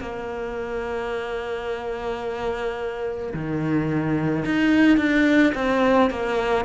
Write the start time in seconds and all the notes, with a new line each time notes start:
0.00 A#3
3.33 D#3
4.45 D#4
4.97 D4
5.55 C4
6.10 A#3